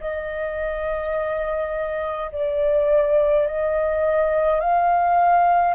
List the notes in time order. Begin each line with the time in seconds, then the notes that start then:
0.00 D#5
2.32 D5
3.47 D#5
4.60 F5